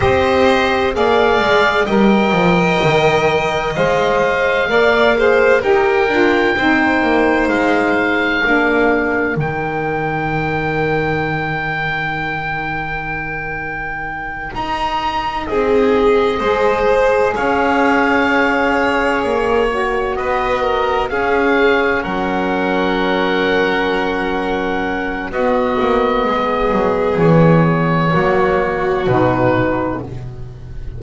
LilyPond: <<
  \new Staff \with { instrumentName = "oboe" } { \time 4/4 \tempo 4 = 64 dis''4 f''4 g''2 | f''2 g''2 | f''2 g''2~ | g''2.~ g''8 ais''8~ |
ais''8 dis''2 f''4.~ | f''8 cis''4 dis''4 f''4 fis''8~ | fis''2. dis''4~ | dis''4 cis''2 b'4 | }
  \new Staff \with { instrumentName = "violin" } { \time 4/4 c''4 d''4 dis''2~ | dis''4 d''8 c''8 ais'4 c''4~ | c''4 ais'2.~ | ais'1~ |
ais'8 gis'4 c''4 cis''4.~ | cis''4. b'8 ais'8 gis'4 ais'8~ | ais'2. fis'4 | gis'2 fis'2 | }
  \new Staff \with { instrumentName = "saxophone" } { \time 4/4 g'4 gis'4 ais'2 | c''4 ais'8 gis'8 g'8 f'8 dis'4~ | dis'4 d'4 dis'2~ | dis'1~ |
dis'4. gis'2~ gis'8~ | gis'4 fis'4. cis'4.~ | cis'2. b4~ | b2 ais4 dis'4 | }
  \new Staff \with { instrumentName = "double bass" } { \time 4/4 c'4 ais8 gis8 g8 f8 dis4 | gis4 ais4 dis'8 d'8 c'8 ais8 | gis4 ais4 dis2~ | dis2.~ dis8 dis'8~ |
dis'8 c'4 gis4 cis'4.~ | cis'8 ais4 b4 cis'4 fis8~ | fis2. b8 ais8 | gis8 fis8 e4 fis4 b,4 | }
>>